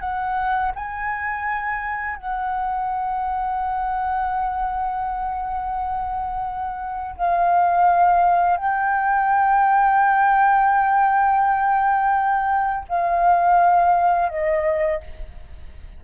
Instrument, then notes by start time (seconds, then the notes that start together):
flute
0.00 F#5
0.75 G#5
2.16 F#5
7.17 F5
8.56 G5
12.89 F5
14.29 D#5